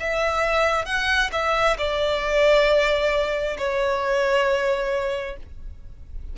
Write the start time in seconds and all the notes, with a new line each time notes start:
0.00 E5
0.85 F#5
1.32 E5
1.78 D5
3.58 C#5